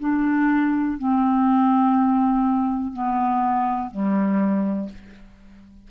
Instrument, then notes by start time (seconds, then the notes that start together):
clarinet
0.00 D4
0.98 C4
2.93 B3
3.91 G3